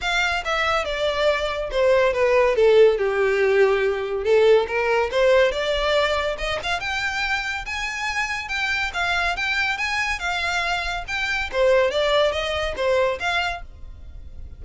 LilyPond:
\new Staff \with { instrumentName = "violin" } { \time 4/4 \tempo 4 = 141 f''4 e''4 d''2 | c''4 b'4 a'4 g'4~ | g'2 a'4 ais'4 | c''4 d''2 dis''8 f''8 |
g''2 gis''2 | g''4 f''4 g''4 gis''4 | f''2 g''4 c''4 | d''4 dis''4 c''4 f''4 | }